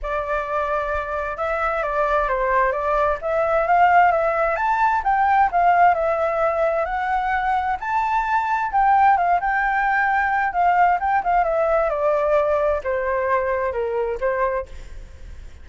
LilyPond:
\new Staff \with { instrumentName = "flute" } { \time 4/4 \tempo 4 = 131 d''2. e''4 | d''4 c''4 d''4 e''4 | f''4 e''4 a''4 g''4 | f''4 e''2 fis''4~ |
fis''4 a''2 g''4 | f''8 g''2~ g''8 f''4 | g''8 f''8 e''4 d''2 | c''2 ais'4 c''4 | }